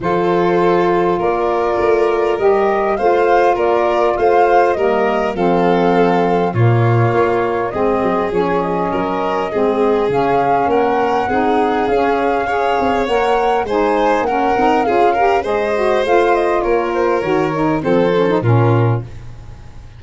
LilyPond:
<<
  \new Staff \with { instrumentName = "flute" } { \time 4/4 \tempo 4 = 101 c''2 d''2 | dis''4 f''4 d''4 f''4 | dis''4 f''2 cis''4~ | cis''4 dis''4 cis''8 dis''4.~ |
dis''4 f''4 fis''2 | f''2 fis''4 gis''4 | fis''4 f''4 dis''4 f''8 dis''8 | cis''8 c''8 cis''4 c''4 ais'4 | }
  \new Staff \with { instrumentName = "violin" } { \time 4/4 a'2 ais'2~ | ais'4 c''4 ais'4 c''4 | ais'4 a'2 f'4~ | f'4 gis'2 ais'4 |
gis'2 ais'4 gis'4~ | gis'4 cis''2 c''4 | ais'4 gis'8 ais'8 c''2 | ais'2 a'4 f'4 | }
  \new Staff \with { instrumentName = "saxophone" } { \time 4/4 f'1 | g'4 f'2. | ais4 c'2 ais4~ | ais4 c'4 cis'2 |
c'4 cis'2 dis'4 | cis'4 gis'4 ais'4 dis'4 | cis'8 dis'8 f'8 g'8 gis'8 fis'8 f'4~ | f'4 fis'8 dis'8 c'8 cis'16 dis'16 cis'4 | }
  \new Staff \with { instrumentName = "tuba" } { \time 4/4 f2 ais4 a4 | g4 a4 ais4 a4 | g4 f2 ais,4 | ais4 gis8 fis8 f4 fis4 |
gis4 cis4 ais4 c'4 | cis'4. c'8 ais4 gis4 | ais8 c'8 cis'4 gis4 a4 | ais4 dis4 f4 ais,4 | }
>>